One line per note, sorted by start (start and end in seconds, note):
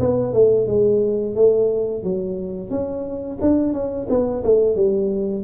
0.00 0.34 B3
0.34 0.68 A3
0.68 1.36 G#3
1.36 2.04 A3
2.04 2.70 F#3
2.70 3.38 C#4
3.42 3.73 D4
3.73 4.07 C#4
4.10 4.44 B3
4.44 4.76 A3
4.76 5.45 G3